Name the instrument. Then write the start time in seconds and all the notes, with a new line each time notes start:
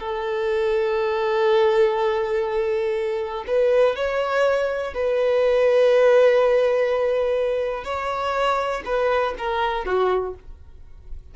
violin
0.00 A4
3.47 B4
3.96 C#5
4.94 B4
7.85 C#5
8.85 B4
9.38 A#4
9.85 F#4